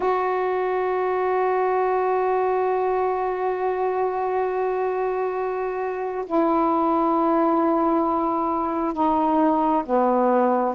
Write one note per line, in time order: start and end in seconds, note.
0.00 6.24 F#4
6.26 8.93 E4
8.93 9.83 D#4
9.85 10.75 B3